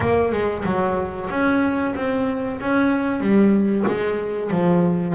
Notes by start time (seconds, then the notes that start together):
0.00 A#3
0.31 G#3
0.64 F#3
1.29 C#4
1.95 C4
2.60 C#4
3.20 G3
3.87 G#3
4.50 F3